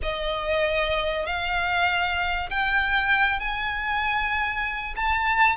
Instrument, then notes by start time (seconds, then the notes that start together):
violin
0.02 D#5
1.26 F5
2.50 G5
3.39 G#5
4.95 A5